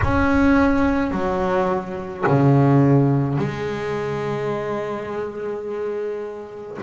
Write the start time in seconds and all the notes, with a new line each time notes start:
0.03 C#4
1.11 F#3
2.26 C#3
3.38 G#3